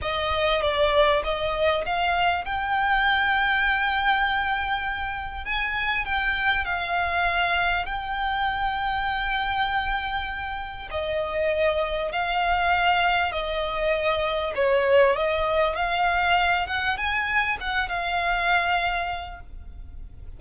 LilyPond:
\new Staff \with { instrumentName = "violin" } { \time 4/4 \tempo 4 = 99 dis''4 d''4 dis''4 f''4 | g''1~ | g''4 gis''4 g''4 f''4~ | f''4 g''2.~ |
g''2 dis''2 | f''2 dis''2 | cis''4 dis''4 f''4. fis''8 | gis''4 fis''8 f''2~ f''8 | }